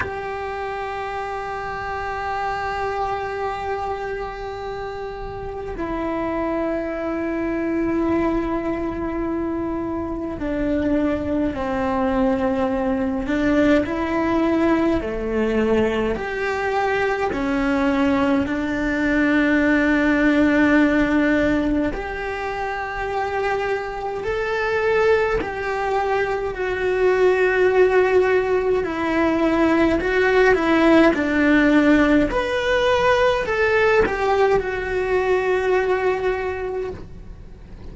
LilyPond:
\new Staff \with { instrumentName = "cello" } { \time 4/4 \tempo 4 = 52 g'1~ | g'4 e'2.~ | e'4 d'4 c'4. d'8 | e'4 a4 g'4 cis'4 |
d'2. g'4~ | g'4 a'4 g'4 fis'4~ | fis'4 e'4 fis'8 e'8 d'4 | b'4 a'8 g'8 fis'2 | }